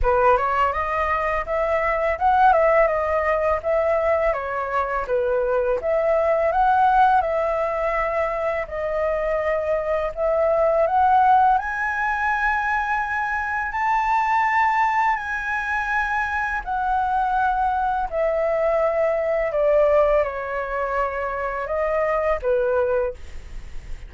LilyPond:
\new Staff \with { instrumentName = "flute" } { \time 4/4 \tempo 4 = 83 b'8 cis''8 dis''4 e''4 fis''8 e''8 | dis''4 e''4 cis''4 b'4 | e''4 fis''4 e''2 | dis''2 e''4 fis''4 |
gis''2. a''4~ | a''4 gis''2 fis''4~ | fis''4 e''2 d''4 | cis''2 dis''4 b'4 | }